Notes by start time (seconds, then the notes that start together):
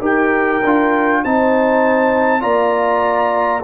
0.00 D#4 G4 A#4 G5
0.64 D4 F4
1.23 C4 D#4 C5 A5
2.40 A#3 F4 D5 A#5